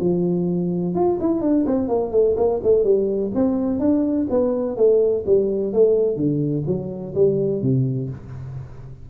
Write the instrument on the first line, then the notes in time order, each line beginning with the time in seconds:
tuba
0.00 F3
0.95 F4
1.21 E4
1.41 D4
1.66 C4
1.89 A#3
2.12 A3
2.37 A#3
2.63 A3
2.84 G3
3.35 C4
3.80 D4
4.30 B3
4.77 A3
5.26 G3
5.73 A3
6.16 D3
6.67 F#3
7.15 G3
7.62 C3